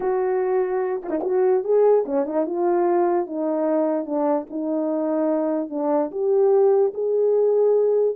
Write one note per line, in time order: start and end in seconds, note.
0.00 1.01 F#4
1.02 1.10 F4
1.10 1.20 D#4
1.23 1.63 F#4
1.63 2.04 G#4
2.05 2.25 C#4
2.25 2.46 D#4
2.46 3.26 F4
3.26 4.05 D#4
4.05 4.46 D4
4.49 5.69 D#4
5.69 6.10 D4
6.11 6.92 G4
6.94 8.15 G#4